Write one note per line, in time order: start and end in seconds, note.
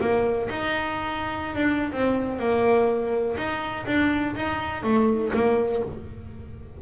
0.00 0.48 A#3
0.49 1.55 D#4
1.55 1.92 D4
1.92 2.39 C4
2.39 3.36 A#3
3.37 3.85 D#4
3.86 4.35 D4
4.35 4.83 D#4
4.83 5.31 A3
5.34 5.82 A#3